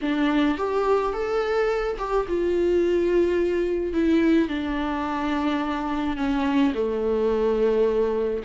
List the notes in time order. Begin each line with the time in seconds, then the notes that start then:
0.01 D4
0.57 G4
1.13 A4
1.98 G4
2.28 F4
3.93 E4
4.48 D4
6.17 C#4
6.74 A3